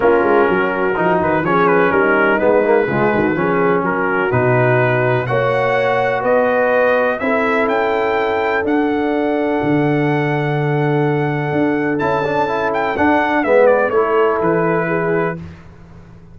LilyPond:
<<
  \new Staff \with { instrumentName = "trumpet" } { \time 4/4 \tempo 4 = 125 ais'2~ ais'8 b'8 cis''8 b'8 | ais'4 b'2. | ais'4 b'2 fis''4~ | fis''4 dis''2 e''4 |
g''2 fis''2~ | fis''1~ | fis''4 a''4. g''8 fis''4 | e''8 d''8 cis''4 b'2 | }
  \new Staff \with { instrumentName = "horn" } { \time 4/4 f'4 fis'2 gis'4 | dis'2 f'8 fis'8 gis'4 | fis'2. cis''4~ | cis''4 b'2 a'4~ |
a'1~ | a'1~ | a'1 | b'4 a'2 gis'4 | }
  \new Staff \with { instrumentName = "trombone" } { \time 4/4 cis'2 dis'4 cis'4~ | cis'4 b8 ais8 gis4 cis'4~ | cis'4 dis'2 fis'4~ | fis'2. e'4~ |
e'2 d'2~ | d'1~ | d'4 e'8 d'8 e'4 d'4 | b4 e'2. | }
  \new Staff \with { instrumentName = "tuba" } { \time 4/4 ais8 gis8 fis4 f8 dis8 f4 | g4 gis4 cis8 dis8 f4 | fis4 b,2 ais4~ | ais4 b2 c'4 |
cis'2 d'2 | d1 | d'4 cis'2 d'4 | gis4 a4 e2 | }
>>